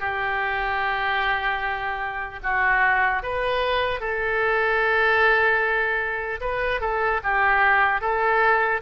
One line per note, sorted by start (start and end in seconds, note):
0.00 2.40 G4
2.43 3.23 F#4
3.23 4.00 B4
4.00 6.40 A4
6.41 6.80 B4
6.80 7.20 A4
7.23 8.01 G4
8.01 8.81 A4